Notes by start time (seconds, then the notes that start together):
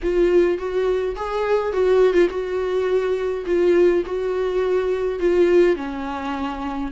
0.02 F4
0.58 F#4
1.15 G#4
1.73 F#4
2.13 F4
2.29 F#4
3.46 F4
4.06 F#4
5.19 F4
5.76 C#4